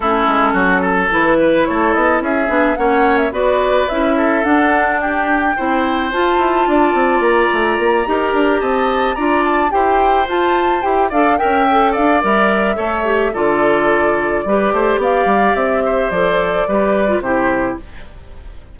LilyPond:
<<
  \new Staff \with { instrumentName = "flute" } { \time 4/4 \tempo 4 = 108 a'2 b'4 cis''8 dis''8 | e''4 fis''8. e''16 d''4 e''4 | fis''4 g''2 a''4~ | a''4 ais''2~ ais''8 a''8~ |
a''8 ais''8 a''8 g''4 a''4 g''8 | f''8 g''4 f''8 e''2 | d''2. f''4 | e''4 d''2 c''4 | }
  \new Staff \with { instrumentName = "oboe" } { \time 4/4 e'4 fis'8 a'4 b'8 a'4 | gis'4 cis''4 b'4. a'8~ | a'4 g'4 c''2 | d''2~ d''8 ais'4 dis''8~ |
dis''8 d''4 c''2~ c''8 | d''8 e''4 d''4. cis''4 | a'2 b'8 c''8 d''4~ | d''8 c''4. b'4 g'4 | }
  \new Staff \with { instrumentName = "clarinet" } { \time 4/4 cis'2 e'2~ | e'8 d'8 cis'4 fis'4 e'4 | d'2 e'4 f'4~ | f'2~ f'8 g'4.~ |
g'8 f'4 g'4 f'4 g'8 | a'8 ais'8 a'4 ais'4 a'8 g'8 | f'2 g'2~ | g'4 a'4 g'8. f'16 e'4 | }
  \new Staff \with { instrumentName = "bassoon" } { \time 4/4 a8 gis8 fis4 e4 a8 b8 | cis'8 b8 ais4 b4 cis'4 | d'2 c'4 f'8 e'8 | d'8 c'8 ais8 a8 ais8 dis'8 d'8 c'8~ |
c'8 d'4 e'4 f'4 e'8 | d'8 cis'4 d'8 g4 a4 | d2 g8 a8 b8 g8 | c'4 f4 g4 c4 | }
>>